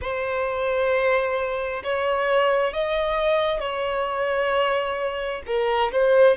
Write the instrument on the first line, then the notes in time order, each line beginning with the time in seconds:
violin
0.01 C5
1.83 C#5
2.73 D#5
3.60 C#5
5.46 A#4
5.92 C5